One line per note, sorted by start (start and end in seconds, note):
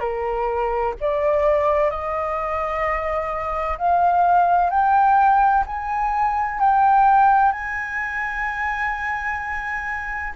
0.00 0.94 A#4
1.01 1.90 D5
1.90 3.78 D#5
3.78 4.70 F5
4.70 5.64 G5
5.66 6.60 G#5
6.60 7.52 G5
7.52 10.33 G#5